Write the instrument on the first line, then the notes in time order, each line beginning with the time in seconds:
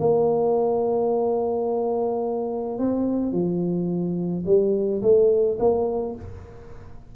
tuba
0.00 A#3
2.79 C4
3.32 F3
4.46 G3
5.02 A3
5.60 A#3